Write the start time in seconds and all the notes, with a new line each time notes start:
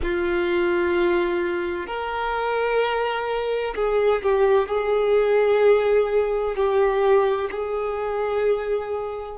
0.02 F4
1.86 A#4
3.75 G#4
4.22 G4
4.68 G#4
6.55 G4
7.50 G#4